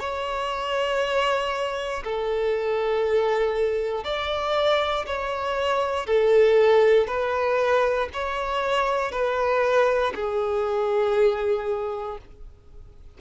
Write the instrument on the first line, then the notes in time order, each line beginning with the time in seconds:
violin
0.00 C#5
2.04 A4
4.04 D5
5.07 C#5
6.07 A4
7.08 B4
8.14 C#5
9.12 B4
10.15 G#4